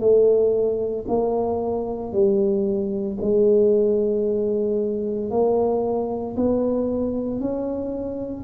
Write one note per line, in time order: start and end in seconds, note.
0.00 1.05 A3
1.08 2.12 A#3
2.12 3.17 G3
3.21 5.30 G#3
5.30 6.35 A#3
6.36 7.40 B3
7.40 8.44 C#4